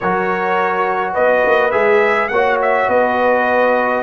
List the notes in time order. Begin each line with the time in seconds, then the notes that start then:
0.00 F#3 F#4 A#4 C#5
1.13 B3 B4 D#5
1.46 A#3
1.71 G#3 G#4 E5
2.28 A#3 F#4 C#5 F#5
2.61 E5
2.88 B3 B4 D#5